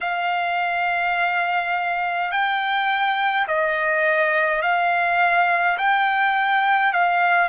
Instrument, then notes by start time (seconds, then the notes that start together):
trumpet
0.01 F5
2.31 G5
3.47 D#5
4.62 F5
5.77 G5
6.92 F5